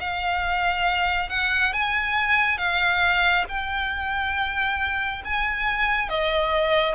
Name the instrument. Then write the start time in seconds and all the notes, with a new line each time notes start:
violin
0.00 F5
1.29 F#5
1.73 G#5
2.58 F5
3.49 G5
5.25 G#5
6.09 D#5